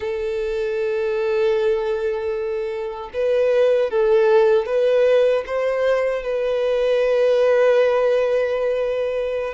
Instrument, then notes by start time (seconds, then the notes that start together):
violin
0.00 A4
3.13 B4
3.90 A4
4.66 B4
5.46 C5
6.22 B4